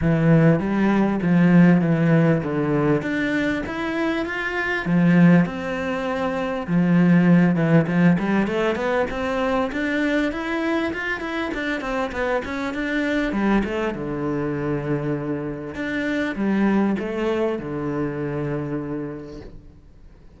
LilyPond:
\new Staff \with { instrumentName = "cello" } { \time 4/4 \tempo 4 = 99 e4 g4 f4 e4 | d4 d'4 e'4 f'4 | f4 c'2 f4~ | f8 e8 f8 g8 a8 b8 c'4 |
d'4 e'4 f'8 e'8 d'8 c'8 | b8 cis'8 d'4 g8 a8 d4~ | d2 d'4 g4 | a4 d2. | }